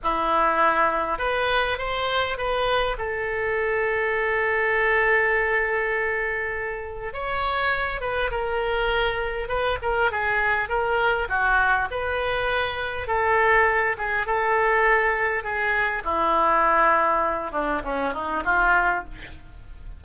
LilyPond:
\new Staff \with { instrumentName = "oboe" } { \time 4/4 \tempo 4 = 101 e'2 b'4 c''4 | b'4 a'2.~ | a'1 | cis''4. b'8 ais'2 |
b'8 ais'8 gis'4 ais'4 fis'4 | b'2 a'4. gis'8 | a'2 gis'4 e'4~ | e'4. d'8 cis'8 dis'8 f'4 | }